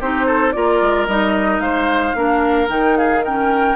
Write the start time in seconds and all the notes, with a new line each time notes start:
0.00 C4 D#4 G4 C5
0.26 A4
0.51 A#3 F4 A#4 D5
0.81 G#3
1.07 G3 D#4 D#5
1.59 G#3 C5 F5
2.14 A#3 D4 A#4
2.68 D#3 D#4 G5
2.97 G#4 F5
3.24 C#4 A#4 G5